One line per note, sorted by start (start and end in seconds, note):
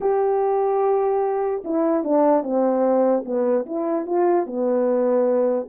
0.01 1.63 G4
1.64 2.04 E4
2.04 2.43 D4
2.43 3.24 C4
3.25 3.65 B3
3.66 4.06 E4
4.06 4.46 F4
4.46 5.68 B3